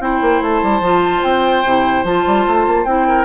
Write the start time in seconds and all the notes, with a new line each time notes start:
0.00 C4 E4 C5 G5
0.21 A#3
0.41 A3 A5
0.63 G3
0.80 F3 F4
1.23 C4 G5
1.64 C3 E4
2.04 F3 F4 A5
2.26 G3
2.47 A3
2.67 A#3
2.85 C4 E4 G5
3.08 A#4